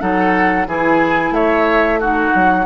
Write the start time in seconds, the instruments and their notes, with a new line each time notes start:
0.00 bassoon F#3, clarinet D#4, oboe A4, flute F#5
0.67 bassoon E3, clarinet E4, oboe G#4, flute G#5
1.31 bassoon A3, oboe C#5, flute E5
2.00 clarinet D#4, oboe F#4, flute F#5
2.35 bassoon F#3